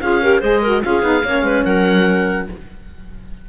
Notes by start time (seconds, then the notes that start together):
0.00 C#4 F4 G#4 F5
0.21 G4 A#4
0.40 G#3 G#4 C5 D#5
0.61 F#4 A#4
0.82 C#4 F4 G#4 F5
1.02 B3 D#4
1.24 A#3 C#4 C#5
1.42 G#3 B4
1.65 F#3 A#4 F#5